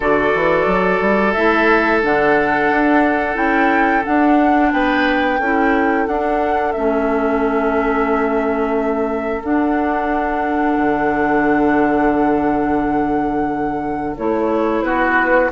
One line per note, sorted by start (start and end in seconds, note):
0.00 0.34 D3
0.00 1.36 F#4
0.00 4.68 A4
0.00 1.32 D5
0.34 0.65 E3
0.65 0.99 F#3
1.00 1.34 G3
1.32 2.04 A3
1.32 2.02 E4
1.32 2.00 E5
2.02 2.71 D3
2.02 3.34 D4
2.02 3.36 F#5
2.71 3.36 D4
3.34 4.03 C#4
3.34 4.02 E4
3.34 4.03 G5
4.04 5.40 D4
4.04 4.72 D4
4.04 4.72 F#5
4.72 5.39 B3
4.72 5.39 B4
4.72 6.06 G5
5.39 6.06 C#4
5.39 6.08 E4
5.39 14.83 A4
6.06 6.74 D4
6.06 6.72 F#5
6.72 9.43 A3
6.72 9.43 C#4
6.72 9.41 E5
9.43 10.77 D4
9.43 14.15 D4
9.43 14.16 F#5
10.77 14.14 D3
14.16 14.82 A3
14.16 15.51 E4
14.16 14.82 C#5
14.82 15.49 B3
14.82 15.51 F#4
14.82 15.49 B4